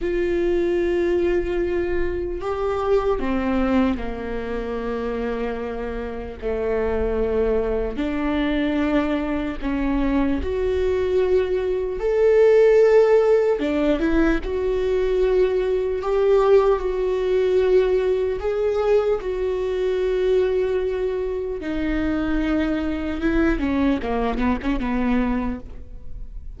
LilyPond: \new Staff \with { instrumentName = "viola" } { \time 4/4 \tempo 4 = 75 f'2. g'4 | c'4 ais2. | a2 d'2 | cis'4 fis'2 a'4~ |
a'4 d'8 e'8 fis'2 | g'4 fis'2 gis'4 | fis'2. dis'4~ | dis'4 e'8 cis'8 ais8 b16 cis'16 b4 | }